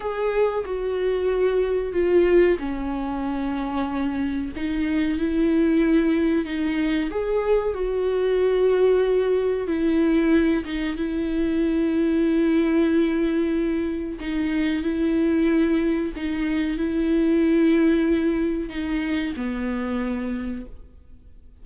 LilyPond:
\new Staff \with { instrumentName = "viola" } { \time 4/4 \tempo 4 = 93 gis'4 fis'2 f'4 | cis'2. dis'4 | e'2 dis'4 gis'4 | fis'2. e'4~ |
e'8 dis'8 e'2.~ | e'2 dis'4 e'4~ | e'4 dis'4 e'2~ | e'4 dis'4 b2 | }